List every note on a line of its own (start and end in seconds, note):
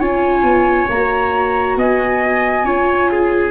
0.00 0.43 C#4
0.00 0.88 F4
0.00 1.76 C#5
0.00 0.88 G#5
0.43 0.87 B3
0.89 1.76 A#3
0.89 2.65 F#4
0.89 1.78 A#5
1.76 2.64 B3
1.76 2.65 D#5
1.76 3.51 G#5
2.64 3.51 C#4
2.64 3.51 F4
2.64 3.10 C#5
3.12 3.51 G#4